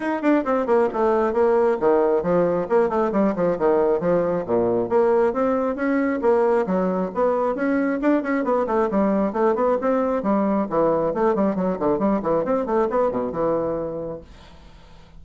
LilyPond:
\new Staff \with { instrumentName = "bassoon" } { \time 4/4 \tempo 4 = 135 dis'8 d'8 c'8 ais8 a4 ais4 | dis4 f4 ais8 a8 g8 f8 | dis4 f4 ais,4 ais4 | c'4 cis'4 ais4 fis4 |
b4 cis'4 d'8 cis'8 b8 a8 | g4 a8 b8 c'4 g4 | e4 a8 g8 fis8 d8 g8 e8 | c'8 a8 b8 b,8 e2 | }